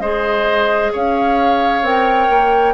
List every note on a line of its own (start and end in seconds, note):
0.00 0.91 G#3
0.00 1.84 G#4
0.00 0.92 C5
0.00 0.92 D#5
0.93 1.82 C#4
0.93 2.74 C#5
0.93 1.86 F5
1.82 2.28 C4
1.82 2.74 A#4
1.82 2.74 G5
2.30 2.74 A#3